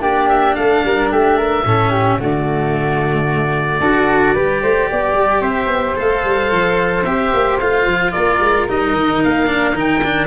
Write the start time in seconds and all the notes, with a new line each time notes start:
0.00 A#3 D4 G4 D5
0.29 E5
0.55 A3 A4 F5
0.84 G3 A#4
1.11 A3 G4 E5
1.37 A#4
1.65 A2 C#4 A4
1.90 G4
2.18 D3 A3 F#4 D5
3.80 D4 F#4 A4
4.34 G3 G4 B4
4.62 A3 C5
4.91 B3 D5
5.14 G3
5.41 C4 C5 E5
5.67 B3
5.95 A3 A4 F5
6.24 G3
6.52 F3
7.04 C4 G4 E5
7.33 A#3
7.60 A3 F4 F5
7.86 F3
8.11 A#3 A#4 D5
8.40 G#3
8.68 G3 D#4 D#5
8.93 D#3
9.23 A#3 F5
9.47 D4
9.74 D#3 D#4 G5
10.03 D4